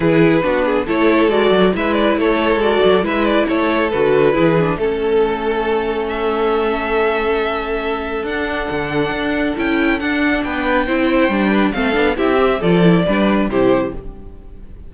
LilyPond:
<<
  \new Staff \with { instrumentName = "violin" } { \time 4/4 \tempo 4 = 138 b'2 cis''4 d''4 | e''8 d''8 cis''4 d''4 e''8 d''8 | cis''4 b'2 a'4~ | a'2 e''2~ |
e''2. fis''4~ | fis''2 g''4 fis''4 | g''2. f''4 | e''4 d''2 c''4 | }
  \new Staff \with { instrumentName = "violin" } { \time 4/4 gis'4 fis'8 gis'8 a'2 | b'4 a'2 b'4 | a'2 gis'4 a'4~ | a'1~ |
a'1~ | a'1 | b'4 c''4. b'8 a'4 | g'4 a'4 b'4 g'4 | }
  \new Staff \with { instrumentName = "viola" } { \time 4/4 e'4 d'4 e'4 fis'4 | e'2 fis'4 e'4~ | e'4 fis'4 e'8 d'8 cis'4~ | cis'1~ |
cis'2. d'4~ | d'2 e'4 d'4~ | d'4 e'4 d'4 c'8 d'8 | e'8 g'8 f'8 e'8 d'4 e'4 | }
  \new Staff \with { instrumentName = "cello" } { \time 4/4 e4 b4 a4 gis8 fis8 | gis4 a4 gis8 fis8 gis4 | a4 d4 e4 a4~ | a1~ |
a2. d'4 | d4 d'4 cis'4 d'4 | b4 c'4 g4 a8 b8 | c'4 f4 g4 c4 | }
>>